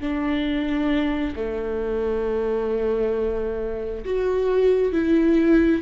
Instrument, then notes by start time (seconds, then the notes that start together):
viola
0.00 D4
1.36 A3
4.05 F#4
4.92 E4